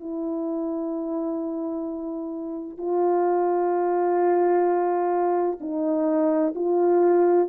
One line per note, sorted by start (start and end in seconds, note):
0.00 2.78 E4
2.78 5.59 F4
5.60 6.54 D#4
6.55 7.49 F4